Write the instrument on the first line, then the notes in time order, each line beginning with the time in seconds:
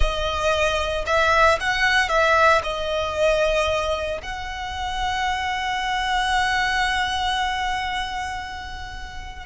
violin
0.00 D#5
1.06 E5
1.60 F#5
2.08 E5
2.63 D#5
4.22 F#5